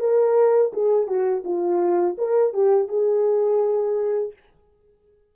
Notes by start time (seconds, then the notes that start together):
0.00 A#4
0.73 G#4
1.07 F#4
1.45 F4
2.18 A#4
2.54 G4
2.89 G#4